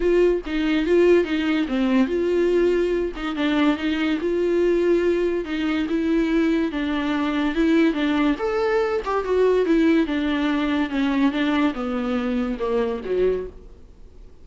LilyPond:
\new Staff \with { instrumentName = "viola" } { \time 4/4 \tempo 4 = 143 f'4 dis'4 f'4 dis'4 | c'4 f'2~ f'8 dis'8 | d'4 dis'4 f'2~ | f'4 dis'4 e'2 |
d'2 e'4 d'4 | a'4. g'8 fis'4 e'4 | d'2 cis'4 d'4 | b2 ais4 fis4 | }